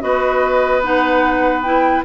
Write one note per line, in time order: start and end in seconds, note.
0.00 2.04 B3
0.00 0.81 F#4
0.00 2.05 B4
0.00 0.82 D#5
0.82 1.63 D#4
0.82 1.62 F#5
1.62 2.04 E4
1.62 2.02 G5